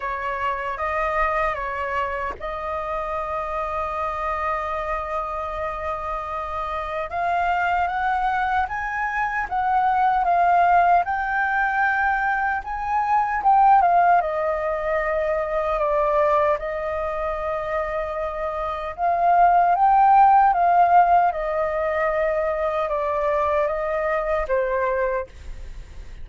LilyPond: \new Staff \with { instrumentName = "flute" } { \time 4/4 \tempo 4 = 76 cis''4 dis''4 cis''4 dis''4~ | dis''1~ | dis''4 f''4 fis''4 gis''4 | fis''4 f''4 g''2 |
gis''4 g''8 f''8 dis''2 | d''4 dis''2. | f''4 g''4 f''4 dis''4~ | dis''4 d''4 dis''4 c''4 | }